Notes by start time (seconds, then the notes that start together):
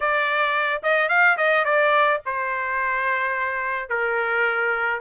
0.00 D5
0.82 D#5
1.09 F5
1.37 D#5
1.64 D5
2.25 C5
3.89 A#4